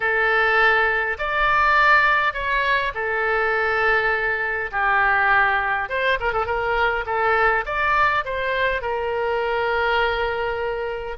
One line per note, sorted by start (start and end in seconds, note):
0.00 1.17 A4
1.18 2.33 D5
2.33 2.92 C#5
2.94 4.70 A4
4.71 5.89 G4
5.89 6.18 C5
6.20 6.32 A#4
6.32 6.46 A4
6.46 7.05 A#4
7.06 7.65 A4
7.65 8.24 D5
8.24 8.81 C5
8.81 11.17 A#4